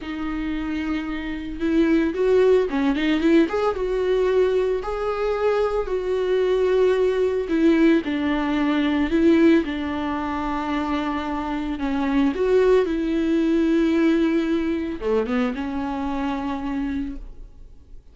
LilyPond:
\new Staff \with { instrumentName = "viola" } { \time 4/4 \tempo 4 = 112 dis'2. e'4 | fis'4 cis'8 dis'8 e'8 gis'8 fis'4~ | fis'4 gis'2 fis'4~ | fis'2 e'4 d'4~ |
d'4 e'4 d'2~ | d'2 cis'4 fis'4 | e'1 | a8 b8 cis'2. | }